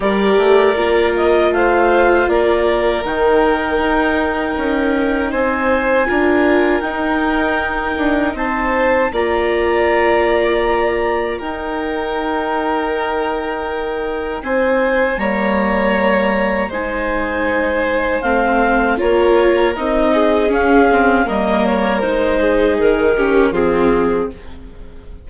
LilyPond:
<<
  \new Staff \with { instrumentName = "clarinet" } { \time 4/4 \tempo 4 = 79 d''4. dis''8 f''4 d''4 | g''2. gis''4~ | gis''4 g''2 a''4 | ais''2. g''4~ |
g''2. gis''4 | ais''2 gis''2 | f''4 cis''4 dis''4 f''4 | dis''8 cis''8 c''4 ais'4 gis'4 | }
  \new Staff \with { instrumentName = "violin" } { \time 4/4 ais'2 c''4 ais'4~ | ais'2. c''4 | ais'2. c''4 | d''2. ais'4~ |
ais'2. c''4 | cis''2 c''2~ | c''4 ais'4. gis'4. | ais'4. gis'4 g'8 f'4 | }
  \new Staff \with { instrumentName = "viola" } { \time 4/4 g'4 f'2. | dis'1 | f'4 dis'2. | f'2. dis'4~ |
dis'1 | ais2 dis'2 | c'4 f'4 dis'4 cis'8 c'8 | ais4 dis'4. cis'8 c'4 | }
  \new Staff \with { instrumentName = "bassoon" } { \time 4/4 g8 a8 ais4 a4 ais4 | dis4 dis'4 cis'4 c'4 | d'4 dis'4. d'8 c'4 | ais2. dis'4~ |
dis'2. c'4 | g2 gis2 | a4 ais4 c'4 cis'4 | g4 gis4 dis4 f4 | }
>>